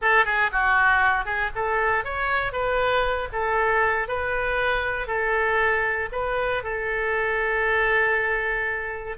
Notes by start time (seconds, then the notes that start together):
0.01 A4
0.25 G#4
0.52 F#4
1.25 G#4
1.55 A4
2.04 C#5
2.52 B4
3.32 A4
4.07 B4
5.07 A4
6.12 B4
6.63 A4